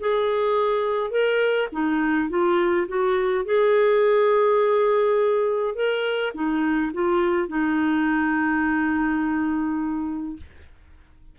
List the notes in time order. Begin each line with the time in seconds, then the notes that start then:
0.00 G#4
1.11 A#4
1.72 D#4
2.29 F4
2.88 F#4
3.45 G#4
5.75 A#4
6.34 D#4
6.93 F4
7.48 D#4